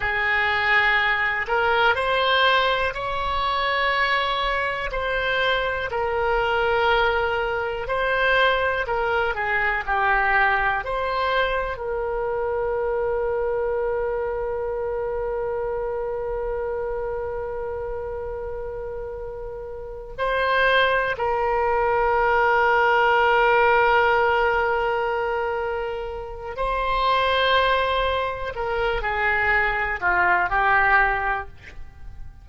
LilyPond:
\new Staff \with { instrumentName = "oboe" } { \time 4/4 \tempo 4 = 61 gis'4. ais'8 c''4 cis''4~ | cis''4 c''4 ais'2 | c''4 ais'8 gis'8 g'4 c''4 | ais'1~ |
ais'1~ | ais'8 c''4 ais'2~ ais'8~ | ais'2. c''4~ | c''4 ais'8 gis'4 f'8 g'4 | }